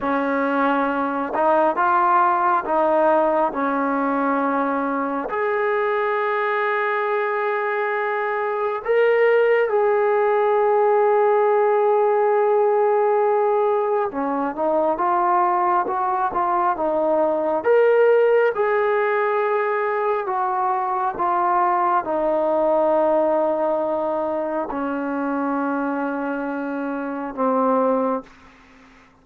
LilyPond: \new Staff \with { instrumentName = "trombone" } { \time 4/4 \tempo 4 = 68 cis'4. dis'8 f'4 dis'4 | cis'2 gis'2~ | gis'2 ais'4 gis'4~ | gis'1 |
cis'8 dis'8 f'4 fis'8 f'8 dis'4 | ais'4 gis'2 fis'4 | f'4 dis'2. | cis'2. c'4 | }